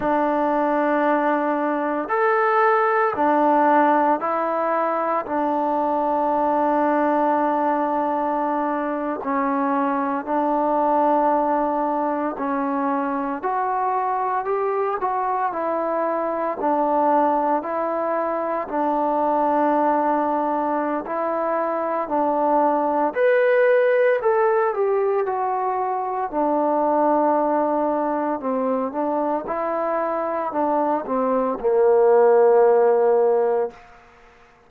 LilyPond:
\new Staff \with { instrumentName = "trombone" } { \time 4/4 \tempo 4 = 57 d'2 a'4 d'4 | e'4 d'2.~ | d'8. cis'4 d'2 cis'16~ | cis'8. fis'4 g'8 fis'8 e'4 d'16~ |
d'8. e'4 d'2~ d'16 | e'4 d'4 b'4 a'8 g'8 | fis'4 d'2 c'8 d'8 | e'4 d'8 c'8 ais2 | }